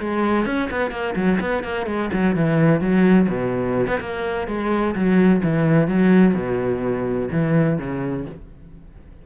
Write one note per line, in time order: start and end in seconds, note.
0.00 0.46 G#3
0.46 0.70 C#4
0.71 0.91 B3
0.91 1.15 A#3
1.16 1.40 F#3
1.41 1.64 B3
1.64 1.87 A#3
1.87 2.10 G#3
2.13 2.36 F#3
2.36 2.81 E3
2.81 3.28 F#3
3.29 3.88 B2
3.88 4.00 B3
4.01 4.48 A#3
4.48 4.95 G#3
4.95 5.42 F#3
5.44 5.88 E3
5.88 6.34 F#3
6.34 7.29 B2
7.32 7.79 E3
7.79 8.26 C#3